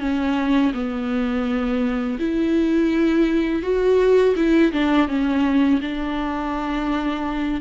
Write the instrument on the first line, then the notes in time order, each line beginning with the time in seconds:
viola
0.00 C#4
0.74 B3
2.19 E4
3.62 F#4
4.36 E4
4.73 D4
5.08 C#4
5.81 D4